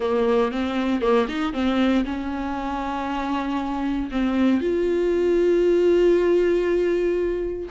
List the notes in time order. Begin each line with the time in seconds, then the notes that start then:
0.00 A#3
0.51 C4
1.01 A#3
1.28 D#4
1.53 C4
2.05 C#4
4.11 C4
4.61 F4